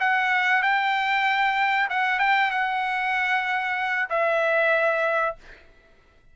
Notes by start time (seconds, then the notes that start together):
0.00 F#5
0.63 G5
1.89 F#5
2.19 G5
2.51 F#5
4.09 E5